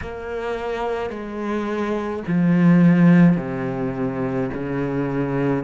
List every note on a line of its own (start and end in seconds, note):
0.01 1.10 A#3
1.10 2.23 G#3
2.26 3.37 F3
3.37 4.50 C3
4.53 5.63 C#3